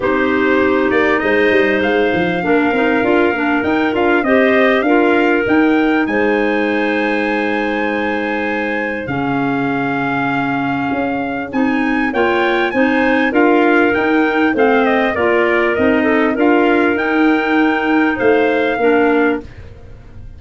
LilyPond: <<
  \new Staff \with { instrumentName = "trumpet" } { \time 4/4 \tempo 4 = 99 c''4. d''8 dis''4 f''4~ | f''2 g''8 f''8 dis''4 | f''4 g''4 gis''2~ | gis''2. f''4~ |
f''2. gis''4 | g''4 gis''4 f''4 g''4 | f''8 dis''8 d''4 dis''4 f''4 | g''2 f''2 | }
  \new Staff \with { instrumentName = "clarinet" } { \time 4/4 g'2 c''2 | ais'2. c''4 | ais'2 c''2~ | c''2. gis'4~ |
gis'1 | cis''4 c''4 ais'2 | c''4 ais'4. a'8 ais'4~ | ais'2 c''4 ais'4 | }
  \new Staff \with { instrumentName = "clarinet" } { \time 4/4 dis'1 | d'8 dis'8 f'8 d'8 dis'8 f'8 g'4 | f'4 dis'2.~ | dis'2. cis'4~ |
cis'2. dis'4 | f'4 dis'4 f'4 dis'4 | c'4 f'4 dis'4 f'4 | dis'2. d'4 | }
  \new Staff \with { instrumentName = "tuba" } { \time 4/4 c'4. ais8 gis8 g8 gis8 f8 | ais8 c'8 d'8 ais8 dis'8 d'8 c'4 | d'4 dis'4 gis2~ | gis2. cis4~ |
cis2 cis'4 c'4 | ais4 c'4 d'4 dis'4 | a4 ais4 c'4 d'4 | dis'2 a4 ais4 | }
>>